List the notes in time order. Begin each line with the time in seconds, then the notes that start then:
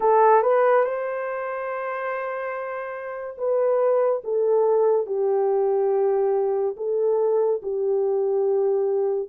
0.00 A4
0.42 B4
0.83 C5
3.37 B4
4.24 A4
5.06 G4
6.76 A4
7.62 G4